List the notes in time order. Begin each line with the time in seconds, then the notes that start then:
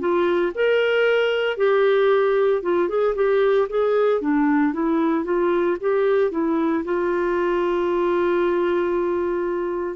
0.00 F4
0.55 A#4
1.57 G4
2.63 F4
2.89 G#4
3.16 G4
3.70 G#4
4.22 D4
4.74 E4
5.25 F4
5.81 G4
6.32 E4
6.85 F4